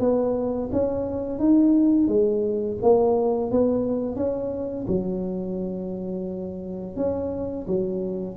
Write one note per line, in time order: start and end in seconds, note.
0.00 0.70 B3
0.72 1.39 C#4
1.39 2.08 D#4
2.08 2.77 G#3
2.82 3.51 A#3
3.51 4.16 B3
4.16 4.86 C#4
4.87 6.96 F#3
6.96 7.66 C#4
7.67 8.37 F#3